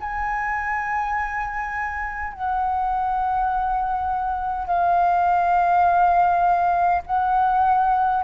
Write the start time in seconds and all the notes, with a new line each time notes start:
0.00 G#5
2.33 F#5
4.67 F5
7.06 F#5